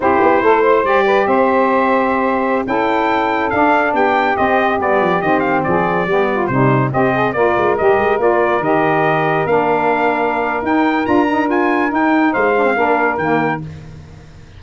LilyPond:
<<
  \new Staff \with { instrumentName = "trumpet" } { \time 4/4 \tempo 4 = 141 c''2 d''4 e''4~ | e''2~ e''16 g''4.~ g''16~ | g''16 f''4 g''4 dis''4 d''8.~ | d''16 dis''8 f''8 d''2 c''8.~ |
c''16 dis''4 d''4 dis''4 d''8.~ | d''16 dis''2 f''4.~ f''16~ | f''4 g''4 ais''4 gis''4 | g''4 f''2 g''4 | }
  \new Staff \with { instrumentName = "saxophone" } { \time 4/4 g'4 a'8 c''4 b'8 c''4~ | c''2~ c''16 a'4.~ a'16~ | a'4~ a'16 g'2~ g'8.~ | g'4~ g'16 gis'4 g'8 f'8 dis'8.~ |
dis'16 g'8 gis'8 ais'2~ ais'8.~ | ais'1~ | ais'1~ | ais'4 c''4 ais'2 | }
  \new Staff \with { instrumentName = "saxophone" } { \time 4/4 e'2 g'2~ | g'2~ g'16 e'4.~ e'16~ | e'16 d'2 c'4 b8.~ | b16 c'2 b4 g8.~ |
g16 c'4 f'4 g'4 f'8.~ | f'16 g'2 d'4.~ d'16~ | d'4 dis'4 f'8 dis'8 f'4 | dis'4. d'16 c'16 d'4 ais4 | }
  \new Staff \with { instrumentName = "tuba" } { \time 4/4 c'8 b8 a4 g4 c'4~ | c'2~ c'16 cis'4.~ cis'16~ | cis'16 d'4 b4 c'4 g8 f16~ | f16 dis4 f4 g4 c8.~ |
c16 c'4 ais8 gis8 g8 gis8 ais8.~ | ais16 dis2 ais4.~ ais16~ | ais4 dis'4 d'2 | dis'4 gis4 ais4 dis4 | }
>>